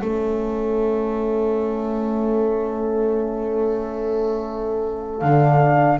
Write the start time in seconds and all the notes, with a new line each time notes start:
0.00 A3 C#4 A4 E5
5.19 D3 D4 F5